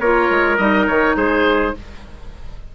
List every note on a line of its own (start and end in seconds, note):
0.00 0.30 A#3
0.00 0.58 F4
0.00 1.17 A#4
0.00 0.57 C#5
0.30 0.58 G#3
0.57 0.87 G3
0.57 1.75 D#4
0.57 0.86 D#5
0.87 1.16 D#3
0.87 1.16 C#5
1.16 1.74 G#3
1.16 1.75 G#4
1.16 1.75 C5